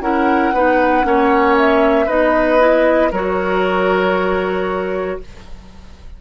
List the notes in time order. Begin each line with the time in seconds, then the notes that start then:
0.00 C#4 E4 A#4 F#5
0.52 B3 D#4 B4
1.03 A#3 C#4 C#5
1.57 E5
2.05 B3 D#4 B4 D#5
2.59 E4
3.11 F#3 F#4 A#4 C#5